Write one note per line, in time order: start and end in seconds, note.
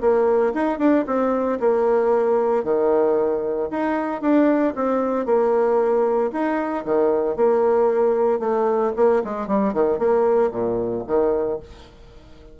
0.00 0.53 A#3
0.53 0.78 D#4
0.78 1.05 D4
1.06 1.59 C4
1.59 2.63 A#3
2.63 3.69 D#3
3.70 4.21 D#4
4.21 4.73 D4
4.75 5.25 C4
5.25 6.31 A#3
6.32 6.84 D#4
6.85 7.36 D#3
7.36 8.39 A#3
8.39 8.92 A3
8.96 9.22 A#3
9.24 9.47 G#3
9.47 9.73 G3
9.73 9.98 D#3
9.98 10.51 A#3
10.51 11.03 A#2
11.06 11.59 D#3